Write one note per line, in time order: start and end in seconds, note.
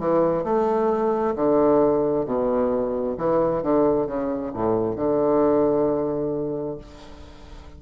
0.00 0.45 E3
0.45 1.36 A3
1.36 2.26 D3
2.26 3.17 B2
3.18 3.63 E3
3.63 4.07 D3
4.07 4.52 C#3
4.54 4.96 A2
4.96 6.78 D3